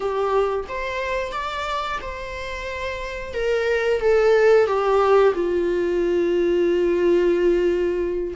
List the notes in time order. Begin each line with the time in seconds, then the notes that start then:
0.00 G4
0.68 C5
1.32 D5
2.01 C5
3.33 A#4
4.00 A4
4.66 G4
5.34 F4